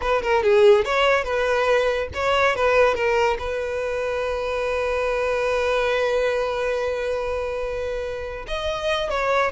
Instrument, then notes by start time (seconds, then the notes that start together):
violin
0.01 B4
0.22 A#4
0.43 G#4
0.85 C#5
1.24 B4
2.14 C#5
2.55 B4
2.94 A#4
3.38 B4
8.47 D#5
9.10 C#5